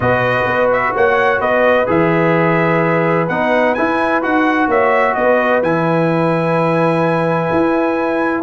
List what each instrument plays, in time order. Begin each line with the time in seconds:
0.00 tuba B2, trombone F#4, horn B4, trumpet D#5
0.46 tuba B3
0.72 trumpet E5
0.94 tuba A#3, horn C#5, trumpet F#5
1.40 tuba B3, horn B4, trumpet D#5
1.86 tuba E3, trombone G#4, trumpet E5
3.28 tuba B3, trombone D#4, trumpet F#5
3.74 trombone E4, tuba E4, trumpet G#5
4.22 tuba D#4, trombone F#4, trumpet F#5
4.67 tuba A#3, horn C#5, trumpet E5
5.14 tuba B3, horn B4, trumpet D#5
5.62 tuba E3, trombone E4, trumpet G#5
7.51 tuba E4